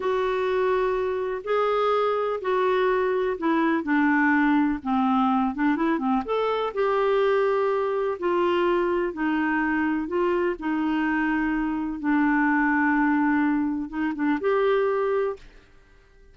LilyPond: \new Staff \with { instrumentName = "clarinet" } { \time 4/4 \tempo 4 = 125 fis'2. gis'4~ | gis'4 fis'2 e'4 | d'2 c'4. d'8 | e'8 c'8 a'4 g'2~ |
g'4 f'2 dis'4~ | dis'4 f'4 dis'2~ | dis'4 d'2.~ | d'4 dis'8 d'8 g'2 | }